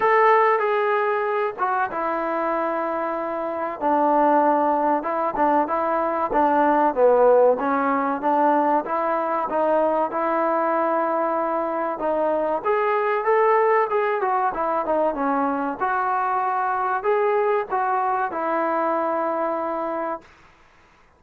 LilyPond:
\new Staff \with { instrumentName = "trombone" } { \time 4/4 \tempo 4 = 95 a'4 gis'4. fis'8 e'4~ | e'2 d'2 | e'8 d'8 e'4 d'4 b4 | cis'4 d'4 e'4 dis'4 |
e'2. dis'4 | gis'4 a'4 gis'8 fis'8 e'8 dis'8 | cis'4 fis'2 gis'4 | fis'4 e'2. | }